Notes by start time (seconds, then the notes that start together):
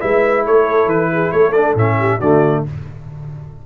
0.00 G#3 E4 B4 E5
0.46 A3 A4 C#5
0.85 E3 B4
1.13 G#4
1.32 A3 A4 C#5
1.52 D4 D5
1.75 A2 C#4 E5
1.99 G4
2.19 D3 A3 F#4 D5